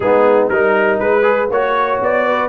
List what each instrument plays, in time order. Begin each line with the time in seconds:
0.00 tuba G#3, trombone B3, horn D#4, trumpet G#4
0.49 tuba G3, trombone D#4, trumpet A#4, horn A#4
0.99 tuba G#3, trumpet B4, horn B4
1.22 trombone G#4
1.49 tuba A#3, trombone F#4, horn C#5, trumpet C#5
2.00 tuba B3, trumpet D5
2.25 horn B4